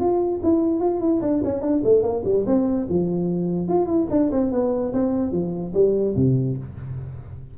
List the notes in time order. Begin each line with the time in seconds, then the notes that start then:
0.00 F4
0.43 E4
0.80 F4
1.01 E4
1.22 D4
1.44 C#4
1.61 D4
1.84 A3
2.03 A#3
2.25 G3
2.46 C4
2.89 F3
3.68 F4
3.86 E4
4.10 D4
4.32 C4
4.52 B3
4.93 C4
5.32 F3
5.74 G3
6.16 C3